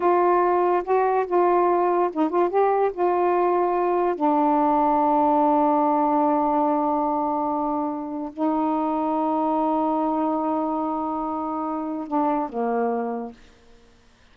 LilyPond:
\new Staff \with { instrumentName = "saxophone" } { \time 4/4 \tempo 4 = 144 f'2 fis'4 f'4~ | f'4 dis'8 f'8 g'4 f'4~ | f'2 d'2~ | d'1~ |
d'1 | dis'1~ | dis'1~ | dis'4 d'4 ais2 | }